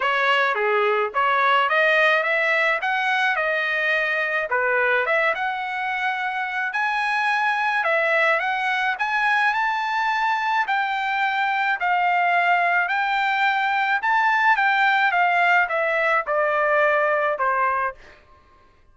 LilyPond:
\new Staff \with { instrumentName = "trumpet" } { \time 4/4 \tempo 4 = 107 cis''4 gis'4 cis''4 dis''4 | e''4 fis''4 dis''2 | b'4 e''8 fis''2~ fis''8 | gis''2 e''4 fis''4 |
gis''4 a''2 g''4~ | g''4 f''2 g''4~ | g''4 a''4 g''4 f''4 | e''4 d''2 c''4 | }